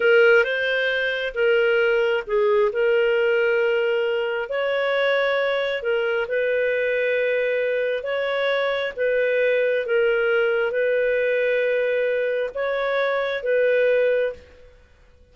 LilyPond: \new Staff \with { instrumentName = "clarinet" } { \time 4/4 \tempo 4 = 134 ais'4 c''2 ais'4~ | ais'4 gis'4 ais'2~ | ais'2 cis''2~ | cis''4 ais'4 b'2~ |
b'2 cis''2 | b'2 ais'2 | b'1 | cis''2 b'2 | }